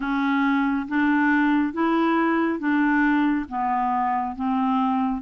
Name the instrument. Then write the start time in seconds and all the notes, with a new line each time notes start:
clarinet
0.00 C#4
0.88 D4
1.73 E4
2.59 D4
3.49 B3
4.35 C4